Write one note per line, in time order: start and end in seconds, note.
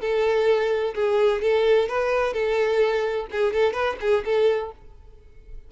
0.00 0.94 A4
0.94 1.41 G#4
1.41 1.88 A4
1.88 2.33 B4
2.33 3.27 A4
3.31 3.53 G#4
3.53 3.72 A4
3.72 3.96 B4
4.00 4.24 G#4
4.24 4.71 A4